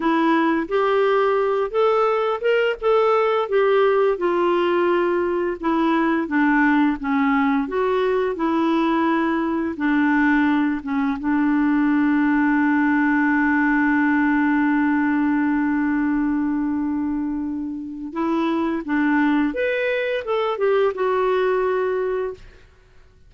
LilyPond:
\new Staff \with { instrumentName = "clarinet" } { \time 4/4 \tempo 4 = 86 e'4 g'4. a'4 ais'8 | a'4 g'4 f'2 | e'4 d'4 cis'4 fis'4 | e'2 d'4. cis'8 |
d'1~ | d'1~ | d'2 e'4 d'4 | b'4 a'8 g'8 fis'2 | }